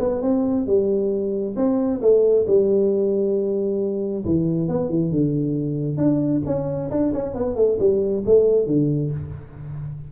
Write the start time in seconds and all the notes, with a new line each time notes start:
0.00 B3
0.22 C4
0.67 G3
1.57 C4
2.02 A3
2.47 G3
4.25 E3
4.69 B3
4.90 E3
5.12 D3
5.98 D4
6.46 C#4
6.91 D4
7.14 C#4
7.35 B3
7.56 A3
7.80 G3
8.26 A3
8.67 D3